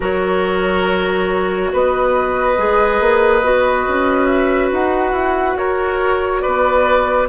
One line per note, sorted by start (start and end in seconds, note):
0.00 1.71 F#3
0.00 2.56 F#4
0.00 1.72 A#4
0.00 1.74 C#5
1.72 2.57 B3
1.72 5.58 B4
1.72 4.26 D#5
2.56 3.00 G#3
2.56 3.42 G#4
3.00 3.42 A#3
3.42 3.85 B3
3.42 7.29 F#4
3.87 4.71 C#4
4.26 4.69 E5
4.71 5.12 D#4
4.71 5.57 F#5
5.12 5.54 E4
5.56 6.42 F#4
5.56 6.42 A#4
5.56 6.41 C#5
6.41 7.29 B3
6.41 7.27 B4
6.41 7.27 D5